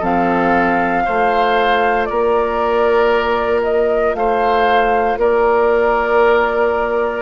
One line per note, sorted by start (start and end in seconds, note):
0.00 1.06 F3
0.00 1.05 C4
0.00 1.03 A4
0.00 2.05 F5
1.05 2.11 A3
1.05 7.22 F4
1.05 2.09 C5
2.05 4.15 A#3
2.05 4.17 A#4
2.05 3.61 D5
3.63 4.15 D#5
4.15 5.18 A3
4.15 5.20 C5
4.15 5.19 F5
5.18 7.22 A#3
5.18 7.22 A#4
5.18 7.22 D5